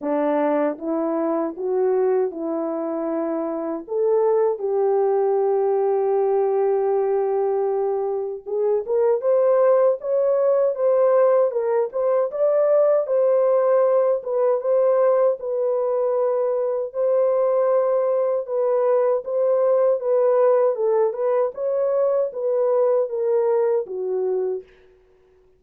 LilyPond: \new Staff \with { instrumentName = "horn" } { \time 4/4 \tempo 4 = 78 d'4 e'4 fis'4 e'4~ | e'4 a'4 g'2~ | g'2. gis'8 ais'8 | c''4 cis''4 c''4 ais'8 c''8 |
d''4 c''4. b'8 c''4 | b'2 c''2 | b'4 c''4 b'4 a'8 b'8 | cis''4 b'4 ais'4 fis'4 | }